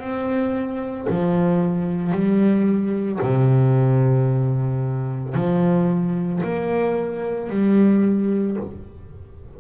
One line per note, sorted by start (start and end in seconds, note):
0.00 1.07 C4
1.10 2.12 F3
2.12 3.19 G3
3.21 5.35 C3
5.35 6.42 F3
6.43 7.50 A#3
7.50 8.57 G3